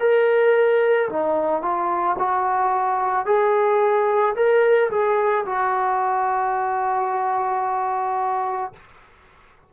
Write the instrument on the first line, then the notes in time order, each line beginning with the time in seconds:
trombone
0.00 A#4
1.10 D#4
1.63 F4
2.19 F#4
3.26 G#4
4.36 A#4
4.91 G#4
5.46 F#4